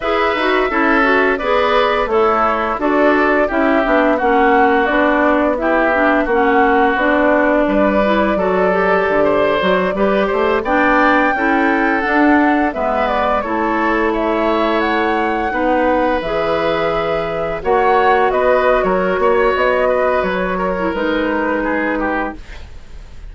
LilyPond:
<<
  \new Staff \with { instrumentName = "flute" } { \time 4/4 \tempo 4 = 86 e''2 d''4 cis''4 | d''4 e''4 fis''4 d''4 | e''4 fis''4 d''2~ | d''2.~ d''16 g''8.~ |
g''4~ g''16 fis''4 e''8 d''8 cis''8.~ | cis''16 e''4 fis''2 e''8.~ | e''4~ e''16 fis''4 dis''8. cis''4 | dis''4 cis''4 b'2 | }
  \new Staff \with { instrumentName = "oboe" } { \time 4/4 b'4 a'4 b'4 e'4 | a'4 g'4 fis'2 | g'4 fis'2 b'4 | a'4~ a'16 c''4 b'8 c''8 d''8.~ |
d''16 a'2 b'4 a'8.~ | a'16 cis''2 b'4.~ b'16~ | b'4~ b'16 cis''4 b'8. ais'8 cis''8~ | cis''8 b'4 ais'4. gis'8 g'8 | }
  \new Staff \with { instrumentName = "clarinet" } { \time 4/4 gis'8 fis'8 e'8 fis'8 gis'4 a'4 | fis'4 e'8 d'8 cis'4 d'4 | e'8 d'8 cis'4 d'4. e'8 | fis'8 g'4~ g'16 fis'8 g'4 d'8.~ |
d'16 e'4 d'4 b4 e'8.~ | e'2~ e'16 dis'4 gis'8.~ | gis'4~ gis'16 fis'2~ fis'8.~ | fis'4.~ fis'16 e'16 dis'2 | }
  \new Staff \with { instrumentName = "bassoon" } { \time 4/4 e'8 dis'8 cis'4 b4 a4 | d'4 cis'8 b8 ais4 b4~ | b4 ais4 b4 g4 | fis4 d8. fis8 g8 a8 b8.~ |
b16 cis'4 d'4 gis4 a8.~ | a2~ a16 b4 e8.~ | e4~ e16 ais4 b8. fis8 ais8 | b4 fis4 gis2 | }
>>